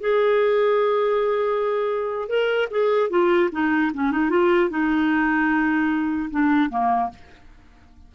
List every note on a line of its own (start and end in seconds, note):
0.00 2.28 G#4
2.28 2.68 A#4
2.71 3.10 G#4
3.10 3.50 F4
3.52 3.92 D#4
3.93 4.11 C#4
4.11 4.30 D#4
4.30 4.69 F4
4.69 6.29 D#4
6.31 6.70 D4
6.70 7.10 A#3